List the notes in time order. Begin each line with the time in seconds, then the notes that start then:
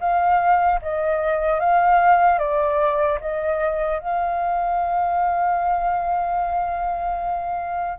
0.00 F5
0.82 D#5
1.60 F5
2.38 D5
3.20 D#5
3.99 F5